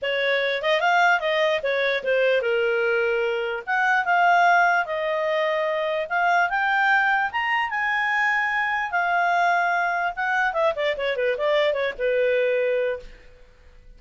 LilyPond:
\new Staff \with { instrumentName = "clarinet" } { \time 4/4 \tempo 4 = 148 cis''4. dis''8 f''4 dis''4 | cis''4 c''4 ais'2~ | ais'4 fis''4 f''2 | dis''2. f''4 |
g''2 ais''4 gis''4~ | gis''2 f''2~ | f''4 fis''4 e''8 d''8 cis''8 b'8 | d''4 cis''8 b'2~ b'8 | }